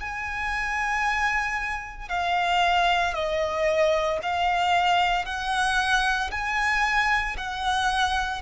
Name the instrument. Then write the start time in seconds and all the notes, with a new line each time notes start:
violin
0.00 G#5
2.09 F5
3.14 D#5
4.22 F5
5.25 F#5
6.32 G#5
7.37 F#5